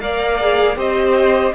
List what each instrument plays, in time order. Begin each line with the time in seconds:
0.00 cello A#3, viola A#4, violin D5 F5
0.40 viola G#4
0.76 cello C4, viola G4, violin C5 D#5